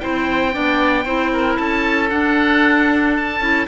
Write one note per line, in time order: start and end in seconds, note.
0.00 0.56 C4
0.00 0.53 E4
0.00 0.54 C5
0.00 1.57 G5
0.53 1.06 B3
0.53 1.05 D4
0.53 1.05 D5
1.05 1.58 C4
1.05 2.10 E4
1.05 1.31 C5
1.33 1.59 A#4
1.57 2.12 C#4
1.57 3.68 A4
1.57 2.10 A5
2.10 3.40 D4
2.10 3.41 D4
2.10 3.14 F#5
3.17 3.68 A5
3.41 3.67 C#4
3.41 3.67 E4